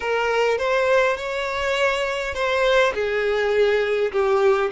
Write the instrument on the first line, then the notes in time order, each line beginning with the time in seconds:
violin
0.00 A#4
0.57 C5
1.17 C#5
2.34 C5
2.94 G#4
4.11 G4